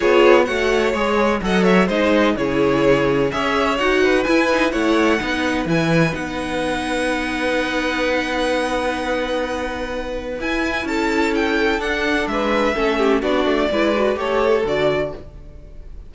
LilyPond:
<<
  \new Staff \with { instrumentName = "violin" } { \time 4/4 \tempo 4 = 127 cis''4 fis''4 cis''4 fis''8 e''8 | dis''4 cis''2 e''4 | fis''4 gis''4 fis''2 | gis''4 fis''2.~ |
fis''1~ | fis''2 gis''4 a''4 | g''4 fis''4 e''2 | d''2 cis''4 d''4 | }
  \new Staff \with { instrumentName = "violin" } { \time 4/4 gis'4 cis''2 dis''8 cis''8 | c''4 gis'2 cis''4~ | cis''8 b'4. cis''4 b'4~ | b'1~ |
b'1~ | b'2. a'4~ | a'2 b'4 a'8 g'8 | fis'4 b'4 a'2 | }
  \new Staff \with { instrumentName = "viola" } { \time 4/4 f'4 fis'4 gis'4 a'4 | dis'4 e'2 gis'4 | fis'4 e'8 dis'8 e'4 dis'4 | e'4 dis'2.~ |
dis'1~ | dis'2 e'2~ | e'4 d'2 cis'4 | d'4 e'8 fis'8 g'4 fis'4 | }
  \new Staff \with { instrumentName = "cello" } { \time 4/4 b4 a4 gis4 fis4 | gis4 cis2 cis'4 | dis'4 e'4 a4 b4 | e4 b2.~ |
b1~ | b2 e'4 cis'4~ | cis'4 d'4 gis4 a4 | b8 a8 gis4 a4 d4 | }
>>